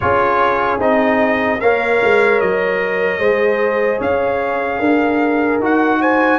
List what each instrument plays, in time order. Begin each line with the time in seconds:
0.00 tuba C#4, trombone F4, horn G#4, trumpet C#5
0.79 tuba C4, trombone D#4, trumpet D#5
1.60 tuba A#3, trombone A#4, horn C#5, trumpet F5
2.02 tuba G#3
2.40 tuba F#3, trumpet D#5
3.19 tuba G#3, trombone G#4, horn C5
3.98 tuba C#4, horn C#5, trumpet F5
4.79 tuba D4, horn A#4
5.59 tuba D#4, trombone F#4, trumpet F#5
6.01 horn C5, trumpet G#5